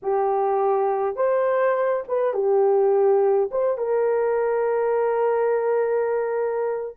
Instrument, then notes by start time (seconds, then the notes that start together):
horn
0.02 G4
1.16 C5
2.08 B4
2.33 G4
3.51 C5
3.77 A#4